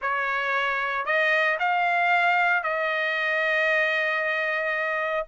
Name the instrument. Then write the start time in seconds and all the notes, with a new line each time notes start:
trumpet
0.01 C#5
1.05 D#5
1.59 F5
2.63 D#5